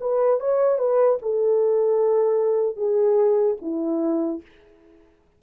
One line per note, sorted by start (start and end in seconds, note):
0.00 0.40 B4
0.40 0.78 C#5
0.78 1.18 B4
1.22 2.76 A4
2.76 3.56 G#4
3.61 4.41 E4